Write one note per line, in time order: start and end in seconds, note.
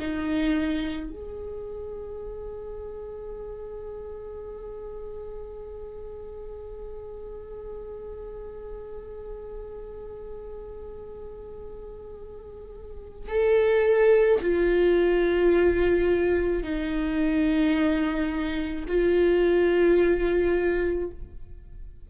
0.00 1.11 D#4
1.11 13.29 G#4
13.29 14.40 A4
14.42 16.63 F4
16.63 18.85 D#4
18.88 21.10 F4